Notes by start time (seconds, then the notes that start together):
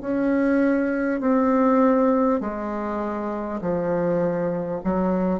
0.00 C#4
1.20 C4
2.40 G#3
3.61 F3
4.83 F#3